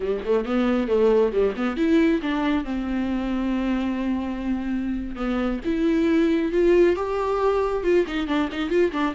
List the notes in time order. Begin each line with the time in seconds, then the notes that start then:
0.00 G3
0.25 A3
0.45 B3
0.87 A3
1.32 G3
1.56 B3
1.76 E4
2.22 D4
2.64 C4
5.15 B3
5.64 E4
6.52 F4
6.96 G4
7.83 F4
8.07 D#4
8.27 D4
8.52 D#4
8.69 F4
8.92 D4